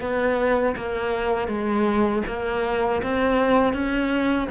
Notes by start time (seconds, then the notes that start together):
0.00 B3
0.76 A#3
1.47 G#3
2.27 A#3
3.02 C4
3.73 C#4